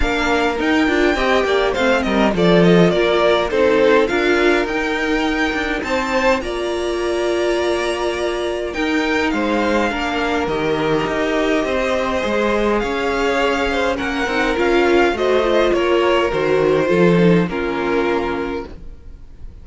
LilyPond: <<
  \new Staff \with { instrumentName = "violin" } { \time 4/4 \tempo 4 = 103 f''4 g''2 f''8 dis''8 | d''8 dis''8 d''4 c''4 f''4 | g''2 a''4 ais''4~ | ais''2. g''4 |
f''2 dis''2~ | dis''2 f''2 | fis''4 f''4 dis''4 cis''4 | c''2 ais'2 | }
  \new Staff \with { instrumentName = "violin" } { \time 4/4 ais'2 dis''8 d''8 c''8 ais'8 | a'4 ais'4 a'4 ais'4~ | ais'2 c''4 d''4~ | d''2. ais'4 |
c''4 ais'2. | c''2 cis''4. c''8 | ais'2 c''4 ais'4~ | ais'4 a'4 f'2 | }
  \new Staff \with { instrumentName = "viola" } { \time 4/4 d'4 dis'8 f'8 g'4 c'4 | f'2 dis'4 f'4 | dis'2. f'4~ | f'2. dis'4~ |
dis'4 d'4 g'2~ | g'4 gis'2. | cis'8 dis'8 f'4 fis'8 f'4. | fis'4 f'8 dis'8 cis'2 | }
  \new Staff \with { instrumentName = "cello" } { \time 4/4 ais4 dis'8 d'8 c'8 ais8 a8 g8 | f4 ais4 c'4 d'4 | dis'4. d'8 c'4 ais4~ | ais2. dis'4 |
gis4 ais4 dis4 dis'4 | c'4 gis4 cis'2 | ais8 c'8 cis'4 a4 ais4 | dis4 f4 ais2 | }
>>